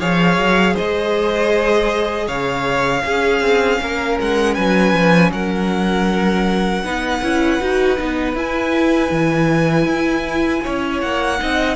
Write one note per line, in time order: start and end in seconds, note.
0.00 0.37 F3
0.00 3.04 G#4
0.00 0.74 C#5
0.00 0.76 F5
0.37 0.75 F#3
0.74 2.26 C5
0.74 2.28 D#5
0.81 2.27 G#3
2.27 3.03 C#3
2.27 3.03 C#5
2.27 4.18 F5
3.03 3.41 C#4
3.03 6.84 C#4
3.03 3.81 G#4
3.41 3.79 C4
3.81 4.19 A#3
3.81 4.55 A#4
4.21 4.58 G#3
4.21 4.54 F#5
4.54 4.93 F#3
4.54 5.31 B4
4.54 5.30 G#5
4.93 5.31 F3
5.31 6.83 F#3
5.31 6.84 A#4
5.31 8.36 F#5
6.84 7.22 B3
6.84 7.22 D#4
6.84 10.64 B4
7.22 7.60 C#4
7.22 7.61 E4
7.61 7.99 D#4
7.61 7.97 F#4
7.97 8.34 B3
7.97 8.35 D#4
8.34 9.10 E4
8.34 11.38 E4
8.34 11.01 G#5
9.11 9.85 E3
9.85 10.61 E4
10.64 11.03 C#4
10.64 11.40 C#5
11.01 11.41 A#3
11.01 11.76 F#5
11.38 11.76 C4
11.38 11.76 D#4
11.38 11.76 D#5